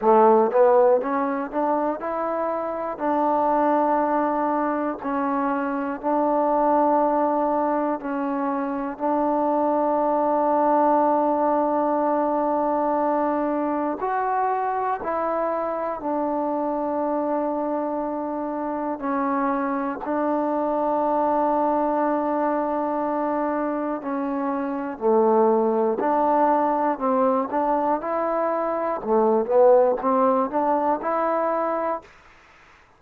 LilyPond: \new Staff \with { instrumentName = "trombone" } { \time 4/4 \tempo 4 = 60 a8 b8 cis'8 d'8 e'4 d'4~ | d'4 cis'4 d'2 | cis'4 d'2.~ | d'2 fis'4 e'4 |
d'2. cis'4 | d'1 | cis'4 a4 d'4 c'8 d'8 | e'4 a8 b8 c'8 d'8 e'4 | }